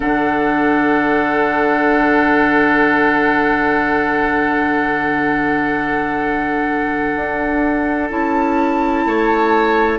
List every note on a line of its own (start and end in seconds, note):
0.00 7.13 D3
0.00 8.08 D4
0.00 9.03 A4
0.00 8.09 F#5
7.16 8.10 D4
8.09 9.05 C#4
8.09 9.99 E4
8.09 9.99 A5
9.05 9.99 A3
9.05 9.99 C#5